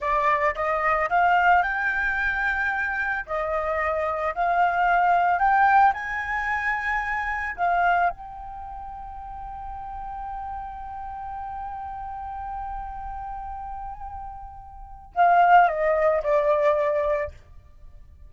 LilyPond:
\new Staff \with { instrumentName = "flute" } { \time 4/4 \tempo 4 = 111 d''4 dis''4 f''4 g''4~ | g''2 dis''2 | f''2 g''4 gis''4~ | gis''2 f''4 g''4~ |
g''1~ | g''1~ | g''1 | f''4 dis''4 d''2 | }